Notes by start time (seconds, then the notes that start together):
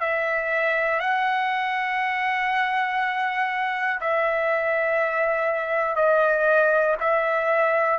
0.00 E5
1.00 F#5
4.00 E5
5.96 D#5
7.00 E5